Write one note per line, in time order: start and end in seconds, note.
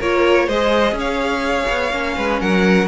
0.00 0.48 A#3
0.00 0.51 F4
0.00 0.47 A#4
0.00 0.49 C#5
0.47 0.93 G#3
0.47 1.92 G#4
0.47 0.95 C5
0.47 0.97 D#5
0.93 1.65 C#4
1.00 2.17 C#5
1.00 2.41 F5
1.70 1.93 B3
1.92 2.17 A#3
1.92 2.88 C#4
2.17 2.42 G#3
2.17 2.41 B4
2.41 2.88 F#3
2.41 2.88 A#4
2.41 2.88 F#5